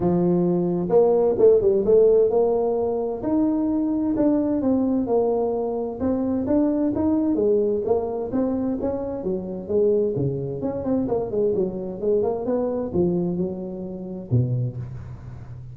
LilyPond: \new Staff \with { instrumentName = "tuba" } { \time 4/4 \tempo 4 = 130 f2 ais4 a8 g8 | a4 ais2 dis'4~ | dis'4 d'4 c'4 ais4~ | ais4 c'4 d'4 dis'4 |
gis4 ais4 c'4 cis'4 | fis4 gis4 cis4 cis'8 c'8 | ais8 gis8 fis4 gis8 ais8 b4 | f4 fis2 b,4 | }